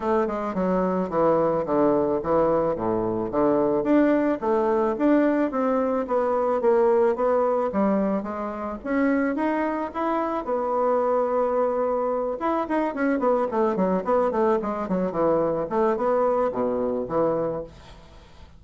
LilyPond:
\new Staff \with { instrumentName = "bassoon" } { \time 4/4 \tempo 4 = 109 a8 gis8 fis4 e4 d4 | e4 a,4 d4 d'4 | a4 d'4 c'4 b4 | ais4 b4 g4 gis4 |
cis'4 dis'4 e'4 b4~ | b2~ b8 e'8 dis'8 cis'8 | b8 a8 fis8 b8 a8 gis8 fis8 e8~ | e8 a8 b4 b,4 e4 | }